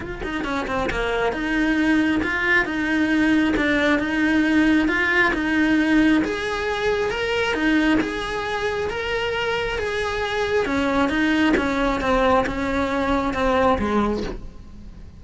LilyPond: \new Staff \with { instrumentName = "cello" } { \time 4/4 \tempo 4 = 135 f'8 dis'8 cis'8 c'8 ais4 dis'4~ | dis'4 f'4 dis'2 | d'4 dis'2 f'4 | dis'2 gis'2 |
ais'4 dis'4 gis'2 | ais'2 gis'2 | cis'4 dis'4 cis'4 c'4 | cis'2 c'4 gis4 | }